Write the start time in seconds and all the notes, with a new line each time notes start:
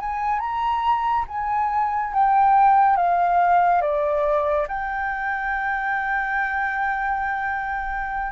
0.00 G#5
0.39 A#5
1.28 G#5
2.14 G5
2.96 F5
3.81 D5
4.68 G5